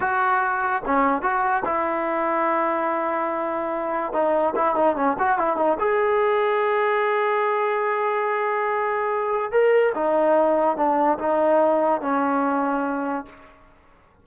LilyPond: \new Staff \with { instrumentName = "trombone" } { \time 4/4 \tempo 4 = 145 fis'2 cis'4 fis'4 | e'1~ | e'2 dis'4 e'8 dis'8 | cis'8 fis'8 e'8 dis'8 gis'2~ |
gis'1~ | gis'2. ais'4 | dis'2 d'4 dis'4~ | dis'4 cis'2. | }